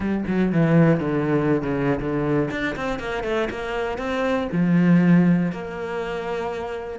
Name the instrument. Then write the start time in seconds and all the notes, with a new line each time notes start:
cello
0.00 G3
0.27 F#3
0.52 E3
1.00 D3
1.62 C#3
2.00 D3
2.50 D4
2.75 C4
2.99 A#3
3.23 A3
3.50 A#3
3.97 C4
4.52 F3
5.52 A#3